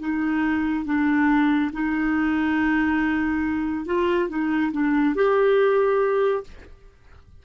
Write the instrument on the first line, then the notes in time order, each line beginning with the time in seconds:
clarinet
0.00 D#4
0.85 D4
1.73 D#4
3.86 F4
4.29 D#4
4.73 D4
5.15 G4